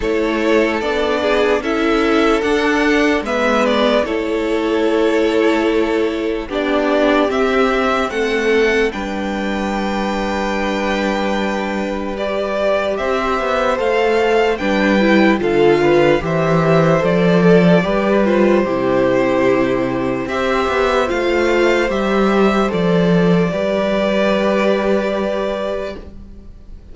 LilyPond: <<
  \new Staff \with { instrumentName = "violin" } { \time 4/4 \tempo 4 = 74 cis''4 d''4 e''4 fis''4 | e''8 d''8 cis''2. | d''4 e''4 fis''4 g''4~ | g''2. d''4 |
e''4 f''4 g''4 f''4 | e''4 d''4. c''4.~ | c''4 e''4 f''4 e''4 | d''1 | }
  \new Staff \with { instrumentName = "violin" } { \time 4/4 a'4. gis'8 a'2 | b'4 a'2. | g'2 a'4 b'4~ | b'1 |
c''2 b'4 a'8 b'8 | c''4. a'8 b'4 g'4~ | g'4 c''2.~ | c''4 b'2. | }
  \new Staff \with { instrumentName = "viola" } { \time 4/4 e'4 d'4 e'4 d'4 | b4 e'2. | d'4 c'2 d'4~ | d'2. g'4~ |
g'4 a'4 d'8 e'8 f'4 | g'4 a'4 g'8 f'8 e'4~ | e'4 g'4 f'4 g'4 | a'4 g'2. | }
  \new Staff \with { instrumentName = "cello" } { \time 4/4 a4 b4 cis'4 d'4 | gis4 a2. | b4 c'4 a4 g4~ | g1 |
c'8 b8 a4 g4 d4 | e4 f4 g4 c4~ | c4 c'8 b8 a4 g4 | f4 g2. | }
>>